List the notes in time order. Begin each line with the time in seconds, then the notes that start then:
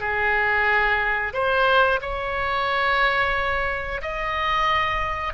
0.00 G#4
1.34 C5
2.02 C#5
4.02 D#5